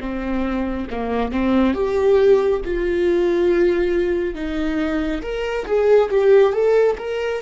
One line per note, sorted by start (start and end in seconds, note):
0.00 0.87 C4
0.90 1.31 A#3
1.31 1.74 C4
1.74 2.60 G4
2.65 4.34 F4
4.34 5.21 D#4
5.22 5.65 A#4
5.66 6.09 G#4
6.10 6.53 G4
6.53 6.96 A4
6.98 7.42 A#4